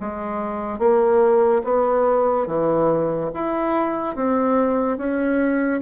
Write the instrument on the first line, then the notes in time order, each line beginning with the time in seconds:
bassoon
0.00 G#3
0.78 A#3
1.64 B3
2.47 E3
3.34 E4
4.16 C4
4.97 C#4